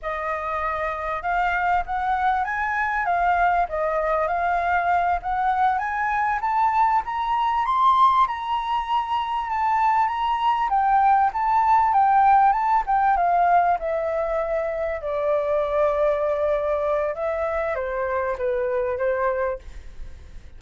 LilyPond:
\new Staff \with { instrumentName = "flute" } { \time 4/4 \tempo 4 = 98 dis''2 f''4 fis''4 | gis''4 f''4 dis''4 f''4~ | f''8 fis''4 gis''4 a''4 ais''8~ | ais''8 c'''4 ais''2 a''8~ |
a''8 ais''4 g''4 a''4 g''8~ | g''8 a''8 g''8 f''4 e''4.~ | e''8 d''2.~ d''8 | e''4 c''4 b'4 c''4 | }